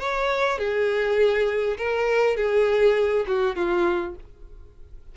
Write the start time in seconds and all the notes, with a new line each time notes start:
0.00 C#5
0.59 G#4
1.78 A#4
2.37 G#4
3.27 F#4
3.56 F4